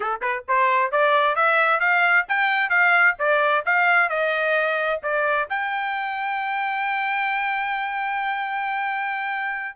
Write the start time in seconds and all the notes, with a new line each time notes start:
0.00 A4
0.21 B4
0.48 C5
0.91 D5
1.35 E5
1.80 F5
2.28 G5
2.69 F5
3.18 D5
3.65 F5
4.09 D#5
5.02 D5
5.49 G5